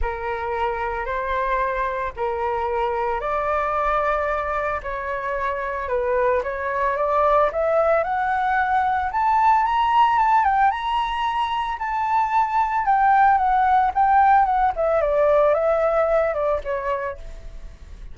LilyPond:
\new Staff \with { instrumentName = "flute" } { \time 4/4 \tempo 4 = 112 ais'2 c''2 | ais'2 d''2~ | d''4 cis''2 b'4 | cis''4 d''4 e''4 fis''4~ |
fis''4 a''4 ais''4 a''8 g''8 | ais''2 a''2 | g''4 fis''4 g''4 fis''8 e''8 | d''4 e''4. d''8 cis''4 | }